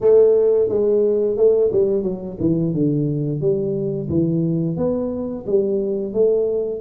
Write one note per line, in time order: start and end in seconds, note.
0.01 0.68 A3
0.68 1.36 G#3
1.36 1.70 A3
1.71 2.03 G3
2.03 2.37 F#3
2.40 2.73 E3
2.73 3.40 D3
3.40 4.08 G3
4.09 4.76 E3
4.76 5.45 B3
5.46 6.13 G3
6.13 6.80 A3